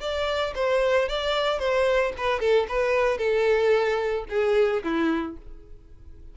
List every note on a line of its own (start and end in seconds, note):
0.00 0.54 D5
0.55 1.08 C5
1.08 1.59 D5
1.59 2.13 C5
2.17 2.40 B4
2.40 2.66 A4
2.69 3.18 B4
3.18 4.25 A4
4.29 4.83 G#4
4.83 5.37 E4